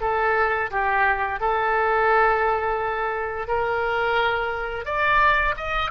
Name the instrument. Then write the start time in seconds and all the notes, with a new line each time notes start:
oboe
0.00 A4
0.70 G4
1.40 A4
3.47 A#4
4.85 D5
5.57 D#5